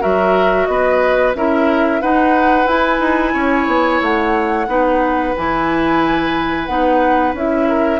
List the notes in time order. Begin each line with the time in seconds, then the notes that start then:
0.00 F#3 F#4 A#4 E5
0.65 B3 B4 D#5
1.34 C#4 E4 A#4 E5
2.01 D#4 B4 F#5
2.66 E4 G#5
2.99 D#4
3.33 C#4 C#5
3.67 B3
4.01 A3 F#5
4.67 B3 D#4 B4
5.37 E3 E4 G#5
6.66 B3 D#4 F#5
7.33 C#4 E4 E5
7.68 A#4